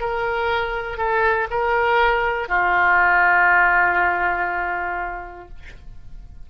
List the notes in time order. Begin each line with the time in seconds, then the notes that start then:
0.00 A#4
0.98 A4
1.50 A#4
2.48 F4